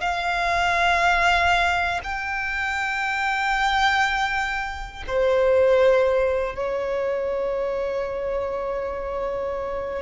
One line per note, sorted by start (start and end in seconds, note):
0.00 2.00 F5
2.04 5.04 G5
5.07 6.55 C5
6.55 10.02 C#5